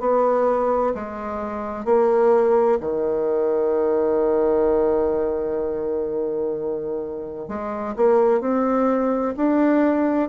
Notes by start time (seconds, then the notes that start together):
0.00 B3
0.95 G#3
1.85 A#3
2.80 D#3
7.49 G#3
7.96 A#3
8.41 C4
9.37 D4